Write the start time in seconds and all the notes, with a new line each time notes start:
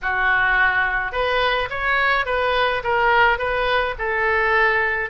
0.02 F#4
1.12 B4
1.70 C#5
2.25 B4
2.83 A#4
3.38 B4
3.98 A4